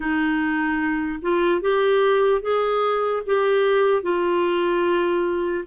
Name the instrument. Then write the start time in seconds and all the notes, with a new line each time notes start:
clarinet
0.00 D#4
1.22 F4
1.61 G4
2.41 G#4
3.26 G4
4.02 F4